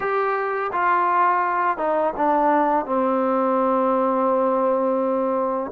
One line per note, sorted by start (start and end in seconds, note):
0.00 0.71 G4
0.72 1.77 F4
1.77 2.13 D#4
2.16 2.85 D4
2.85 5.71 C4